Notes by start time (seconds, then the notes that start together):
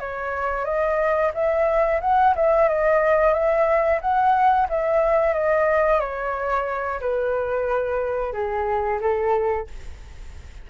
0.00 C#5
0.65 D#5
1.34 E5
2.02 F#5
2.36 E5
2.69 D#5
3.34 E5
4.02 F#5
4.70 E5
5.34 D#5
6.01 C#5
7.01 B4
8.33 G#4
9.01 A4